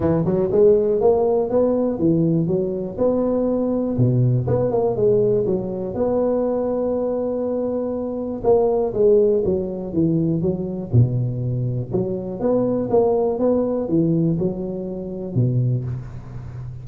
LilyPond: \new Staff \with { instrumentName = "tuba" } { \time 4/4 \tempo 4 = 121 e8 fis8 gis4 ais4 b4 | e4 fis4 b2 | b,4 b8 ais8 gis4 fis4 | b1~ |
b4 ais4 gis4 fis4 | e4 fis4 b,2 | fis4 b4 ais4 b4 | e4 fis2 b,4 | }